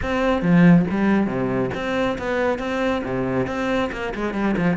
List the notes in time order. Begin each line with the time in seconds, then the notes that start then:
0.02 C4
0.42 F3
0.90 G3
1.26 C3
1.74 C4
2.18 B3
2.58 C4
3.04 C3
3.46 C4
3.92 A#3
4.14 G#3
4.33 G3
4.57 F3